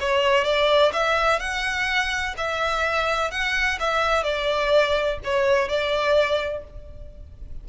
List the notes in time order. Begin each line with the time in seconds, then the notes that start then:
0.00 C#5
0.44 D5
0.93 E5
1.39 F#5
2.37 E5
3.31 F#5
3.80 E5
4.23 D5
5.24 C#5
5.68 D5